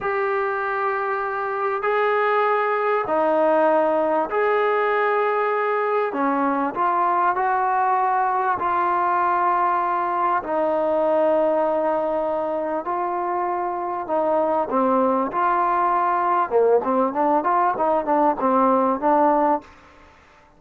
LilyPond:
\new Staff \with { instrumentName = "trombone" } { \time 4/4 \tempo 4 = 98 g'2. gis'4~ | gis'4 dis'2 gis'4~ | gis'2 cis'4 f'4 | fis'2 f'2~ |
f'4 dis'2.~ | dis'4 f'2 dis'4 | c'4 f'2 ais8 c'8 | d'8 f'8 dis'8 d'8 c'4 d'4 | }